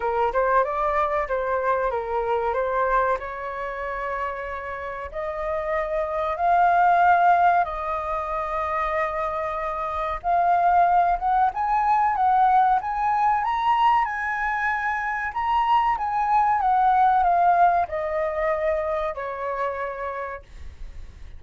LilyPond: \new Staff \with { instrumentName = "flute" } { \time 4/4 \tempo 4 = 94 ais'8 c''8 d''4 c''4 ais'4 | c''4 cis''2. | dis''2 f''2 | dis''1 |
f''4. fis''8 gis''4 fis''4 | gis''4 ais''4 gis''2 | ais''4 gis''4 fis''4 f''4 | dis''2 cis''2 | }